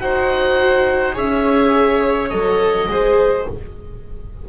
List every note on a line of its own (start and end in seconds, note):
0.00 1.17 D#4
0.00 1.13 F#4
0.00 1.14 C5
0.00 1.15 F#5
1.13 2.31 C#4
1.13 2.29 G#4
1.13 2.87 C#5
1.13 2.29 E5
2.29 2.88 F#3
2.29 2.88 A4
2.29 3.45 D#5
2.88 3.45 G#3
2.88 3.48 G#4
2.88 3.49 C5